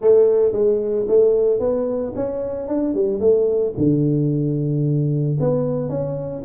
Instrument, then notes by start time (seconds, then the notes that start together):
tuba
0.01 A3
0.52 G#3
1.07 A3
1.59 B3
2.15 C#4
2.68 D4
2.94 G3
3.20 A3
3.77 D3
5.40 B3
5.89 C#4